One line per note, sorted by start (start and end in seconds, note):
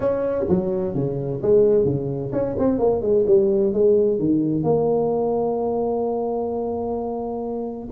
0.00 0.45 C#4
0.48 0.94 F#3
0.94 1.41 C#3
1.41 1.85 G#3
1.85 2.31 C#3
2.32 2.55 C#4
2.58 2.79 C4
2.79 3.01 A#3
3.01 3.24 G#3
3.26 3.73 G3
3.73 4.19 G#3
4.19 4.63 D#3
4.63 7.88 A#3